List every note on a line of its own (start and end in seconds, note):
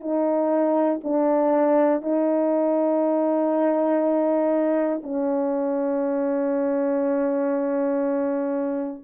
0.00 1.00 D#4
1.03 2.02 D4
2.02 5.02 D#4
5.03 9.03 C#4